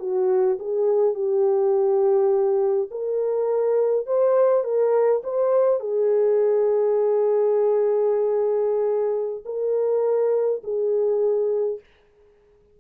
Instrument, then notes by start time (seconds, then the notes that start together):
horn
0.00 F#4
0.60 G#4
1.15 G4
2.91 A#4
4.07 C5
4.64 A#4
5.24 C5
5.80 G#4
9.46 A#4
10.64 G#4